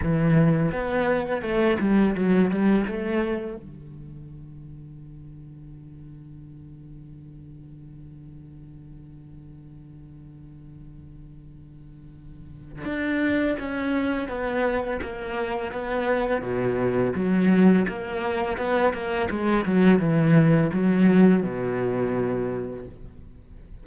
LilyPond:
\new Staff \with { instrumentName = "cello" } { \time 4/4 \tempo 4 = 84 e4 b4 a8 g8 fis8 g8 | a4 d2.~ | d1~ | d1~ |
d2 d'4 cis'4 | b4 ais4 b4 b,4 | fis4 ais4 b8 ais8 gis8 fis8 | e4 fis4 b,2 | }